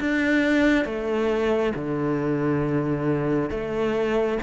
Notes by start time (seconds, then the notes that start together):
0.00 D4
0.85 A3
1.76 D3
3.51 A3